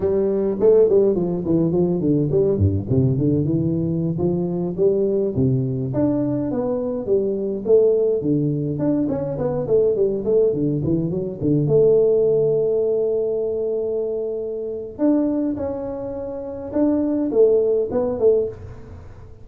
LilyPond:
\new Staff \with { instrumentName = "tuba" } { \time 4/4 \tempo 4 = 104 g4 a8 g8 f8 e8 f8 d8 | g8 g,8 c8 d8 e4~ e16 f8.~ | f16 g4 c4 d'4 b8.~ | b16 g4 a4 d4 d'8 cis'16~ |
cis'16 b8 a8 g8 a8 d8 e8 fis8 d16~ | d16 a2.~ a8.~ | a2 d'4 cis'4~ | cis'4 d'4 a4 b8 a8 | }